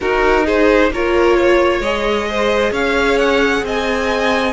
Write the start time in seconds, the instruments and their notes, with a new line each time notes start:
0.00 cello D#4, viola D#4, violin F#4 A#4
0.45 violin G#4 C5
0.90 cello A#3, viola F4, violin A#4 C#5
1.37 violin C#5
1.80 cello G#3, viola G#4, violin D#5
2.29 violin C5
2.71 cello C#4, violin C#5 F5
3.18 violin F#5
3.62 cello C4, violin D#5 G#5